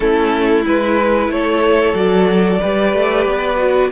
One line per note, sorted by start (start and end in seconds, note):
0.00 0.65 A3
0.00 0.63 C#4
0.00 1.32 E4
0.00 0.62 A4
0.65 1.28 G#3
0.65 1.95 E4
0.65 1.31 B4
1.28 1.93 A3
1.28 2.60 A4
1.28 1.95 C#5
1.94 2.59 F#3
1.94 2.60 F#4
1.94 3.91 D5
2.60 2.93 G3
2.60 3.57 G4
2.60 3.90 B4
2.93 3.26 A3
3.26 3.91 B3
3.57 3.90 F#4